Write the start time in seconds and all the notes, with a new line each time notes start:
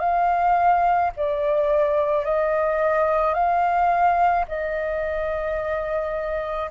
0.00 F5
1.17 D5
2.25 D#5
3.34 F5
4.48 D#5